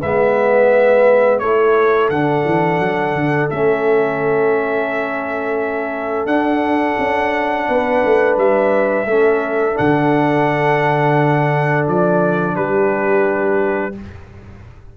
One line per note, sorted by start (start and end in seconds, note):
0.00 1.41 G#3
0.00 1.43 B3
0.00 1.40 B4
0.00 1.39 E5
1.39 2.09 A3
1.39 2.12 E4
1.39 7.69 A4
1.39 2.09 C#5
2.09 2.44 D3
2.09 3.51 D4
2.09 3.49 F#5
2.45 2.79 E3
2.79 3.14 F#3
3.14 3.49 D3
3.50 6.26 A3
3.50 6.28 C#4
3.50 6.26 E5
6.26 6.95 D4
6.26 9.07 D4
6.26 8.36 F#5
6.98 7.68 C#4
7.68 8.03 B3
7.68 9.06 B4
8.05 8.37 A3
8.37 9.05 G3
8.37 9.77 E5
9.05 9.75 A3
9.05 9.73 C#4
9.05 12.55 A4
9.73 11.87 D3
9.73 13.92 D4
9.73 11.86 F#5
11.87 12.57 F3
11.87 12.56 D5
12.55 13.97 G3
12.55 13.94 G4
12.55 13.95 B4